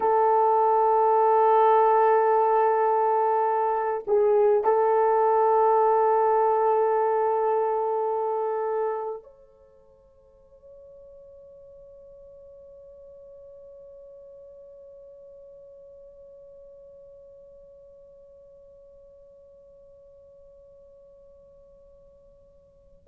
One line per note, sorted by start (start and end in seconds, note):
0.00 4.04 A4
4.07 4.64 G#4
4.64 9.23 A4
9.23 23.07 C#5